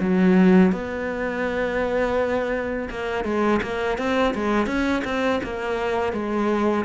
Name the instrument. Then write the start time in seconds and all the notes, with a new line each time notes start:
cello
0.00 F#3
0.72 B3
2.90 A#3
3.24 G#3
3.62 A#3
3.98 C4
4.35 G#3
4.67 C#4
5.04 C4
5.43 A#3
6.13 G#3